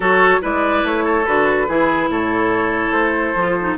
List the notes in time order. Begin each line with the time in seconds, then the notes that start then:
0.00 F#3 F#4 A4 C#5
0.41 G#3 E4 B4 D5
0.83 A3 C#5
1.04 A4
1.25 D3 F#4 B4
1.68 E3 E4 G#4
2.09 A2 A4 C#5
2.91 A3 C5
3.35 F3 F4
3.60 D#4